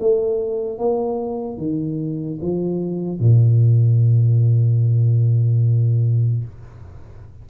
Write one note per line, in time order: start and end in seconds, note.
0.00 0.78 A3
0.78 1.57 A#3
1.57 2.38 D#3
2.41 3.20 F3
3.20 6.44 A#2